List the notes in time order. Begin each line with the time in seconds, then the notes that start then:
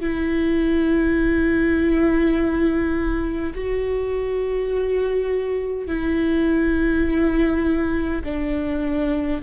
0.00 E4
3.55 F#4
5.87 E4
8.24 D4